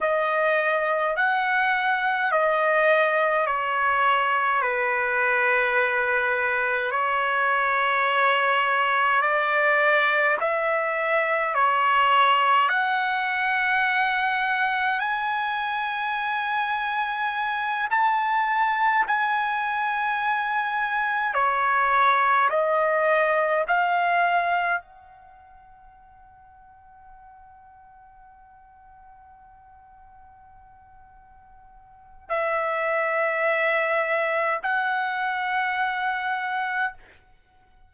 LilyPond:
\new Staff \with { instrumentName = "trumpet" } { \time 4/4 \tempo 4 = 52 dis''4 fis''4 dis''4 cis''4 | b'2 cis''2 | d''4 e''4 cis''4 fis''4~ | fis''4 gis''2~ gis''8 a''8~ |
a''8 gis''2 cis''4 dis''8~ | dis''8 f''4 fis''2~ fis''8~ | fis''1 | e''2 fis''2 | }